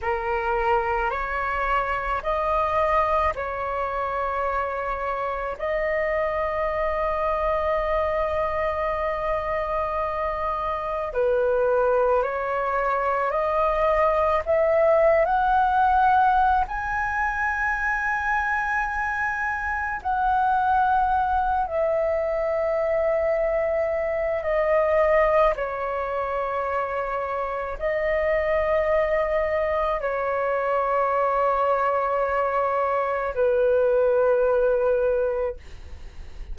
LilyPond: \new Staff \with { instrumentName = "flute" } { \time 4/4 \tempo 4 = 54 ais'4 cis''4 dis''4 cis''4~ | cis''4 dis''2.~ | dis''2 b'4 cis''4 | dis''4 e''8. fis''4~ fis''16 gis''4~ |
gis''2 fis''4. e''8~ | e''2 dis''4 cis''4~ | cis''4 dis''2 cis''4~ | cis''2 b'2 | }